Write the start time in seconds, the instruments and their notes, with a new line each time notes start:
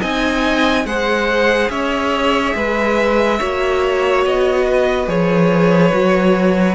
0.00 cello C4, viola D#4, violin D#5 G#5
0.85 cello G#3, viola G#4, violin C5 F#5
1.69 cello C#4, violin C#5 E5
2.55 cello G#3, violin B4
3.38 cello A#3, viola F#4, violin C#5
4.25 cello B3, violin D#5
4.67 violin B4
5.07 cello F3, viola G#4, violin C#5
5.92 cello F#3, viola F#4